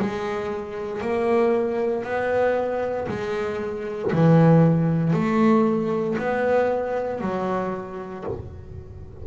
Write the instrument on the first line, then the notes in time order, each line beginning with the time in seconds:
double bass
0.00 G#3
1.02 A#3
2.05 B3
3.08 G#3
4.13 E3
5.13 A3
6.19 B3
7.21 F#3